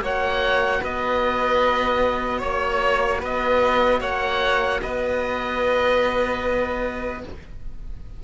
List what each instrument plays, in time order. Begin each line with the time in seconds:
0.00 cello A#3, trombone F#4, violin C#5, oboe F#5
0.81 cello B3, violin B4, oboe D#5
2.38 cello A#3, violin C#5, oboe C#5
3.19 cello B3, violin B4, oboe D#5
4.00 cello A#3, violin C#5, oboe F#5
4.82 cello B3, violin B4, oboe D#5